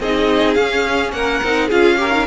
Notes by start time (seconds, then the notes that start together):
0.00 C4 D#4 G#4 D#5
0.54 C#4 F5
1.12 A#3 A#4 F#5
1.43 C4 D#4
1.67 C#4 F4 G#4 F5
1.97 G4 A#4
2.11 D#3